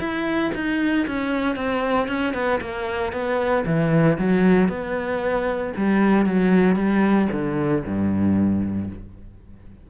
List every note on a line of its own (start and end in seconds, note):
0.00 0.52 E4
0.55 1.07 D#4
1.07 1.56 C#4
1.56 2.08 C4
2.08 2.34 C#4
2.34 2.60 B3
2.61 3.13 A#3
3.13 3.65 B3
3.66 4.18 E3
4.19 4.69 F#3
4.69 5.73 B3
5.77 6.26 G3
6.26 6.76 F#3
6.76 7.28 G3
7.32 7.84 D3
7.86 8.90 G2